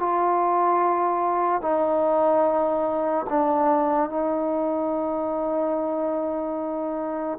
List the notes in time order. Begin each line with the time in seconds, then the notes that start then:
0.00 F4
1.62 D#4
3.30 D4
4.10 D#4